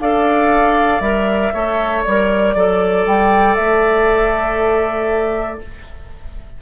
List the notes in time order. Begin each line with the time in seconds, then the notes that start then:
0.00 D4 A4 D5 F5
1.00 G3 A#4 E5
1.54 A3 A4 C#5
2.04 G3 A#4 D5
2.55 F#3 A4 D5
3.06 G3 G5
3.55 A3 E5